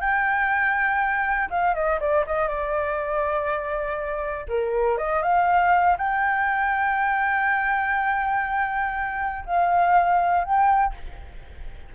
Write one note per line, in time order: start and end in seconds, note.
0.00 1.49 G5
1.50 1.74 F5
1.74 1.99 D#5
2.00 2.24 D5
2.26 2.47 D#5
2.47 4.46 D5
4.48 4.97 A#4
4.97 5.22 D#5
5.22 5.96 F5
5.97 9.44 G5
9.46 10.44 F5
10.44 10.94 G5